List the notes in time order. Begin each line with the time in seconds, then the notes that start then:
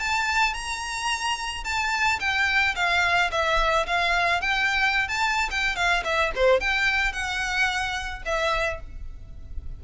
0.00 A5
0.54 A#5
1.65 A5
2.20 G5
2.76 F5
3.32 E5
3.87 F5
4.41 G5
5.08 A5
5.51 G5
5.76 F5
6.05 E5
6.36 C5
6.61 G5
7.13 F#5
8.26 E5